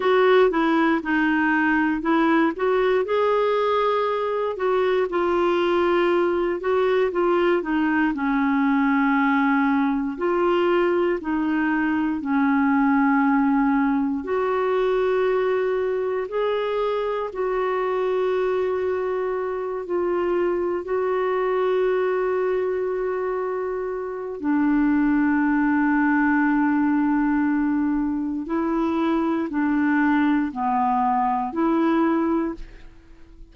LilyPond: \new Staff \with { instrumentName = "clarinet" } { \time 4/4 \tempo 4 = 59 fis'8 e'8 dis'4 e'8 fis'8 gis'4~ | gis'8 fis'8 f'4. fis'8 f'8 dis'8 | cis'2 f'4 dis'4 | cis'2 fis'2 |
gis'4 fis'2~ fis'8 f'8~ | f'8 fis'2.~ fis'8 | d'1 | e'4 d'4 b4 e'4 | }